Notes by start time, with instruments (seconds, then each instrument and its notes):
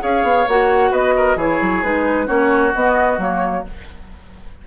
0.00 bassoon C#4, clarinet G#4, oboe C#5, flute F5
0.23 bassoon B3
0.48 bassoon A#3, clarinet F#4, flute F#5
0.92 bassoon B3, oboe B4, flute D#5
1.17 oboe A#4
1.36 bassoon E3, clarinet E4, oboe G#4, flute C#5
1.62 bassoon F#3
1.84 bassoon G#3, clarinet D#4, flute B4
2.27 bassoon A#3, clarinet C#4, oboe F#4, flute C#5
2.75 bassoon B3, clarinet B3, flute D#5
3.18 bassoon F#3, clarinet A#3, flute C#5